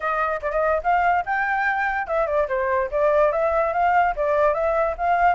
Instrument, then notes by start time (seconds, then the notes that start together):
flute
0.00 D#5
0.42 D5
0.51 D#5
0.83 F5
1.25 G5
2.07 E5
2.26 D5
2.48 C5
2.91 D5
3.32 E5
3.73 F5
4.15 D5
4.54 E5
4.97 F5